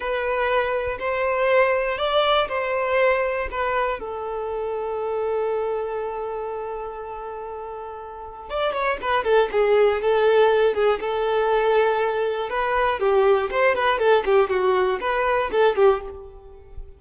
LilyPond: \new Staff \with { instrumentName = "violin" } { \time 4/4 \tempo 4 = 120 b'2 c''2 | d''4 c''2 b'4 | a'1~ | a'1~ |
a'4 d''8 cis''8 b'8 a'8 gis'4 | a'4. gis'8 a'2~ | a'4 b'4 g'4 c''8 b'8 | a'8 g'8 fis'4 b'4 a'8 g'8 | }